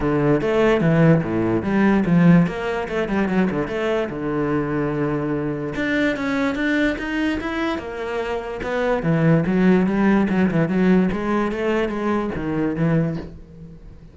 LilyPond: \new Staff \with { instrumentName = "cello" } { \time 4/4 \tempo 4 = 146 d4 a4 e4 a,4 | g4 f4 ais4 a8 g8 | fis8 d8 a4 d2~ | d2 d'4 cis'4 |
d'4 dis'4 e'4 ais4~ | ais4 b4 e4 fis4 | g4 fis8 e8 fis4 gis4 | a4 gis4 dis4 e4 | }